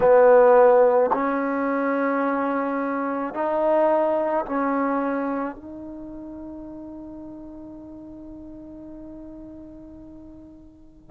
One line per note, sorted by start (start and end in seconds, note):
0.00 1.11 B3
1.13 3.33 C#4
3.33 4.44 D#4
4.45 5.56 C#4
5.56 11.10 D#4